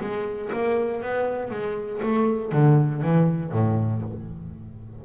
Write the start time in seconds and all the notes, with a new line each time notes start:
0.00 G#3
0.52 A#3
1.02 B3
1.50 G#3
2.02 A3
2.52 D3
3.02 E3
3.52 A2